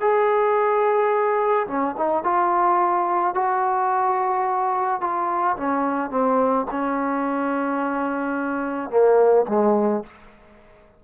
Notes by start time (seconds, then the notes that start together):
0.00 G#4
1.67 C#4
1.97 D#4
2.23 F4
3.34 F#4
5.01 F4
5.57 C#4
6.10 C4
6.70 C#4
8.89 A#3
9.48 G#3